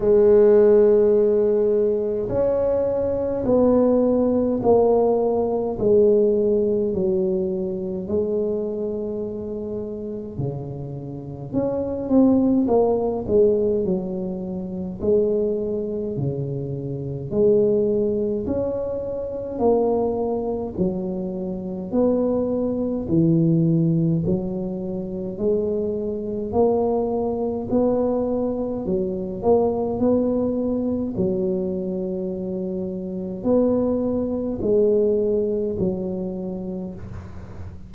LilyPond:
\new Staff \with { instrumentName = "tuba" } { \time 4/4 \tempo 4 = 52 gis2 cis'4 b4 | ais4 gis4 fis4 gis4~ | gis4 cis4 cis'8 c'8 ais8 gis8 | fis4 gis4 cis4 gis4 |
cis'4 ais4 fis4 b4 | e4 fis4 gis4 ais4 | b4 fis8 ais8 b4 fis4~ | fis4 b4 gis4 fis4 | }